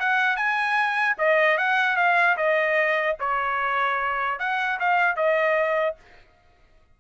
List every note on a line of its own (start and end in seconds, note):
0.00 0.37 F#5
0.37 1.17 G#5
1.19 1.58 D#5
1.58 1.97 F#5
1.97 2.37 F5
2.37 3.17 D#5
3.20 4.40 C#5
4.40 4.80 F#5
4.80 5.17 F5
5.17 5.97 D#5